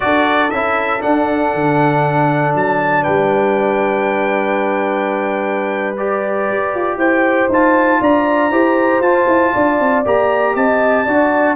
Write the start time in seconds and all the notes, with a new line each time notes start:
0.00 D4 F#4 A4 D5
0.50 C#4 E4 E5
1.00 D4 F#5
1.53 D3
2.55 F#3 A5
3.02 G3 B4 G5
5.97 G4 D5
6.49 G4
6.74 F4
6.96 E4 C5 G5
7.48 D#4 F4 A5
8.00 D4 D5 A#5
8.50 E4 G4 C5
8.99 F4 A5
9.27 E4
9.53 D4 D5
9.79 C4
10.04 A#3 G4 A#5
10.55 C4 D#5 A5
11.05 D4 F#4 D5